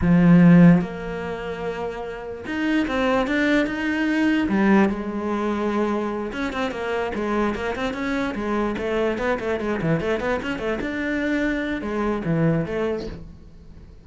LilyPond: \new Staff \with { instrumentName = "cello" } { \time 4/4 \tempo 4 = 147 f2 ais2~ | ais2 dis'4 c'4 | d'4 dis'2 g4 | gis2.~ gis8 cis'8 |
c'8 ais4 gis4 ais8 c'8 cis'8~ | cis'8 gis4 a4 b8 a8 gis8 | e8 a8 b8 cis'8 a8 d'4.~ | d'4 gis4 e4 a4 | }